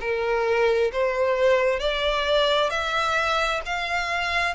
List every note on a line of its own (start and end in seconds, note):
0.00 0.91 A#4
0.92 1.79 C5
1.79 2.70 D5
2.70 3.61 E5
3.65 4.55 F5